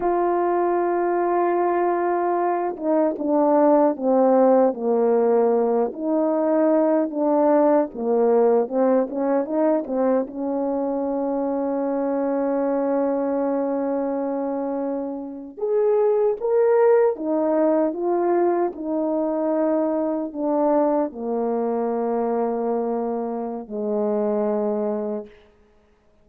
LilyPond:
\new Staff \with { instrumentName = "horn" } { \time 4/4 \tempo 4 = 76 f'2.~ f'8 dis'8 | d'4 c'4 ais4. dis'8~ | dis'4 d'4 ais4 c'8 cis'8 | dis'8 c'8 cis'2.~ |
cis'2.~ cis'8. gis'16~ | gis'8. ais'4 dis'4 f'4 dis'16~ | dis'4.~ dis'16 d'4 ais4~ ais16~ | ais2 gis2 | }